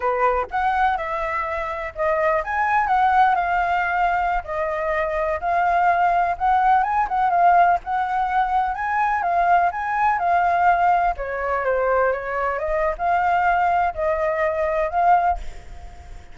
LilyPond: \new Staff \with { instrumentName = "flute" } { \time 4/4 \tempo 4 = 125 b'4 fis''4 e''2 | dis''4 gis''4 fis''4 f''4~ | f''4~ f''16 dis''2 f''8.~ | f''4~ f''16 fis''4 gis''8 fis''8 f''8.~ |
f''16 fis''2 gis''4 f''8.~ | f''16 gis''4 f''2 cis''8.~ | cis''16 c''4 cis''4 dis''8. f''4~ | f''4 dis''2 f''4 | }